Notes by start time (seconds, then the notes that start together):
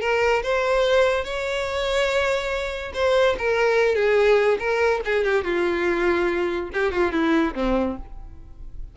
0.00 A#4
0.43 C5
1.24 C#5
2.94 C5
3.38 A#4
3.95 G#4
4.59 A#4
5.05 G#4
5.24 G4
5.44 F4
6.73 G4
6.91 F4
7.12 E4
7.54 C4